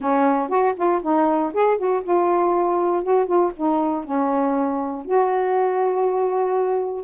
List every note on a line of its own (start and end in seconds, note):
0.00 0.49 C#4
0.49 0.74 F#4
0.76 1.01 F4
1.02 1.52 D#4
1.53 1.77 G#4
1.77 2.02 F#4
2.03 3.03 F4
3.03 3.26 F#4
3.26 3.51 F4
3.56 4.04 D#4
4.04 5.05 C#4
5.05 7.04 F#4